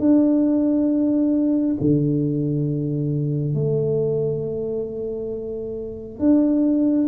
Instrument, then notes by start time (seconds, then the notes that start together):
tuba
0.00 D4
1.81 D3
3.55 A3
6.20 D4